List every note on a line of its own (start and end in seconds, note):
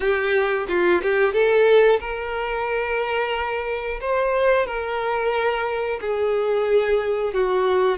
0.00 0.66 G4
0.68 1.01 F4
1.02 1.33 G4
1.33 1.99 A4
2.00 4.00 A#4
4.00 4.66 C5
4.66 5.99 A#4
6.00 7.33 G#4
7.33 7.98 F#4